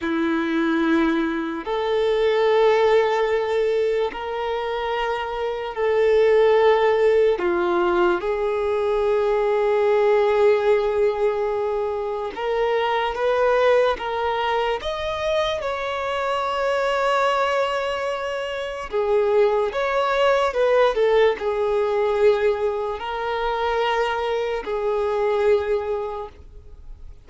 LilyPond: \new Staff \with { instrumentName = "violin" } { \time 4/4 \tempo 4 = 73 e'2 a'2~ | a'4 ais'2 a'4~ | a'4 f'4 gis'2~ | gis'2. ais'4 |
b'4 ais'4 dis''4 cis''4~ | cis''2. gis'4 | cis''4 b'8 a'8 gis'2 | ais'2 gis'2 | }